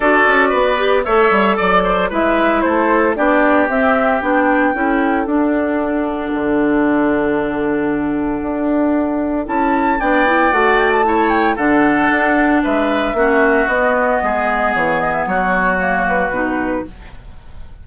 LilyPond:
<<
  \new Staff \with { instrumentName = "flute" } { \time 4/4 \tempo 4 = 114 d''2 e''4 d''4 | e''4 c''4 d''4 e''4 | g''2 fis''2~ | fis''1~ |
fis''2 a''4 g''4 | fis''8 g''16 a''8. g''8 fis''2 | e''2 dis''2 | cis''8 dis''16 e''16 cis''4. b'4. | }
  \new Staff \with { instrumentName = "oboe" } { \time 4/4 a'4 b'4 cis''4 d''8 c''8 | b'4 a'4 g'2~ | g'4 a'2.~ | a'1~ |
a'2. d''4~ | d''4 cis''4 a'2 | b'4 fis'2 gis'4~ | gis'4 fis'2. | }
  \new Staff \with { instrumentName = "clarinet" } { \time 4/4 fis'4. g'8 a'2 | e'2 d'4 c'4 | d'4 e'4 d'2~ | d'1~ |
d'2 e'4 d'8 e'8 | fis'4 e'4 d'2~ | d'4 cis'4 b2~ | b2 ais4 dis'4 | }
  \new Staff \with { instrumentName = "bassoon" } { \time 4/4 d'8 cis'8 b4 a8 g8 fis4 | gis4 a4 b4 c'4 | b4 cis'4 d'2 | d1 |
d'2 cis'4 b4 | a2 d4 d'4 | gis4 ais4 b4 gis4 | e4 fis2 b,4 | }
>>